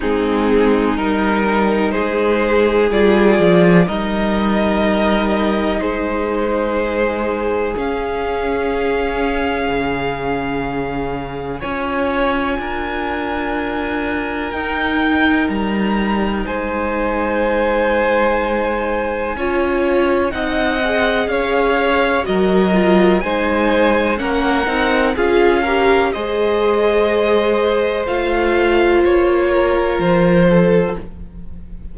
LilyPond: <<
  \new Staff \with { instrumentName = "violin" } { \time 4/4 \tempo 4 = 62 gis'4 ais'4 c''4 d''4 | dis''2 c''2 | f''1 | gis''2. g''4 |
ais''4 gis''2.~ | gis''4 fis''4 f''4 dis''4 | gis''4 fis''4 f''4 dis''4~ | dis''4 f''4 cis''4 c''4 | }
  \new Staff \with { instrumentName = "violin" } { \time 4/4 dis'2 gis'2 | ais'2 gis'2~ | gis'1 | cis''4 ais'2.~ |
ais'4 c''2. | cis''4 dis''4 cis''4 ais'4 | c''4 ais'4 gis'8 ais'8 c''4~ | c''2~ c''8 ais'4 a'8 | }
  \new Staff \with { instrumentName = "viola" } { \time 4/4 c'4 dis'2 f'4 | dis'1 | cis'1 | f'2. dis'4~ |
dis'1 | f'4 dis'8 gis'4. fis'8 f'8 | dis'4 cis'8 dis'8 f'8 g'8 gis'4~ | gis'4 f'2. | }
  \new Staff \with { instrumentName = "cello" } { \time 4/4 gis4 g4 gis4 g8 f8 | g2 gis2 | cis'2 cis2 | cis'4 d'2 dis'4 |
g4 gis2. | cis'4 c'4 cis'4 fis4 | gis4 ais8 c'8 cis'4 gis4~ | gis4 a4 ais4 f4 | }
>>